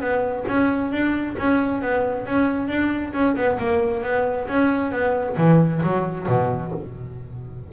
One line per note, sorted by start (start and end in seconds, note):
0.00 0.44 B3
0.47 0.91 C#4
0.91 1.36 D4
1.38 1.81 C#4
1.81 2.26 B3
2.26 2.68 C#4
2.68 3.12 D4
3.13 3.35 C#4
3.36 3.58 B3
3.58 4.03 A#3
4.03 4.47 B3
4.48 4.91 C#4
4.91 5.36 B3
5.37 5.81 E3
5.82 6.27 F#3
6.27 6.72 B2